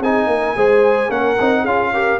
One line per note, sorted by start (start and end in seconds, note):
0.00 0.27 C4
0.00 0.57 D#4
0.00 0.27 G#4
0.00 1.12 G#5
0.27 0.54 A#3
0.27 0.57 A#4
0.57 1.10 G#3
0.57 1.10 G#4
0.57 1.11 C5
1.10 1.37 A#3
1.10 1.37 C#4
1.10 1.62 A#4
1.10 1.66 F#5
1.41 1.65 C4
1.41 1.68 D#4
1.62 2.19 C#4
1.62 1.94 F4
1.62 1.90 G#4
1.62 2.20 F5
1.93 2.20 G4
1.93 2.20 A#4